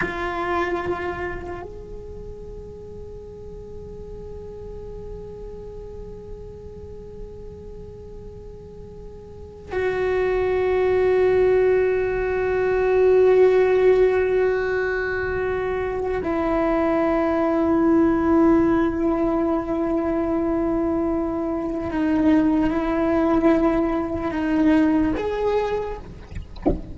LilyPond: \new Staff \with { instrumentName = "cello" } { \time 4/4 \tempo 4 = 74 f'2 gis'2~ | gis'1~ | gis'1 | fis'1~ |
fis'1 | e'1~ | e'2. dis'4 | e'2 dis'4 gis'4 | }